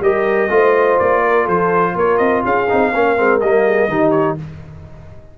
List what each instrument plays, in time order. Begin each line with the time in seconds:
0.00 tuba G3, trombone G4, horn A#4, trumpet D#5
0.49 tuba A3, trombone F4, horn C5
0.99 tuba A#3, trumpet D5
1.22 horn A#4
1.43 tuba F3, horn A4, trumpet C5
1.95 tuba A#3, horn A#4, trumpet C#5
2.17 tuba C4, trumpet D#5
2.43 tuba C#4, horn G#4, trumpet F5
2.69 tuba C4, trombone D#4
2.94 tuba A#3, trombone C#4, horn A#4
3.16 tuba G#3, trombone C4
3.40 tuba G3, trombone A#3, trumpet D#5
3.64 horn G#4
3.88 tuba D#3, trombone D#4, horn G4
4.10 trumpet C#5